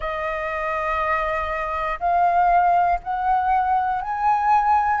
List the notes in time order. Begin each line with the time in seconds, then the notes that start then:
0.00 D#5
2.00 F5
3.03 F#5
4.01 G#5